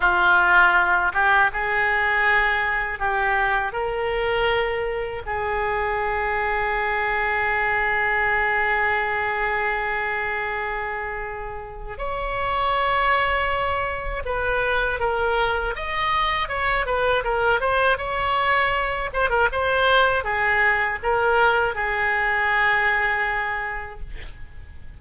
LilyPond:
\new Staff \with { instrumentName = "oboe" } { \time 4/4 \tempo 4 = 80 f'4. g'8 gis'2 | g'4 ais'2 gis'4~ | gis'1~ | gis'1 |
cis''2. b'4 | ais'4 dis''4 cis''8 b'8 ais'8 c''8 | cis''4. c''16 ais'16 c''4 gis'4 | ais'4 gis'2. | }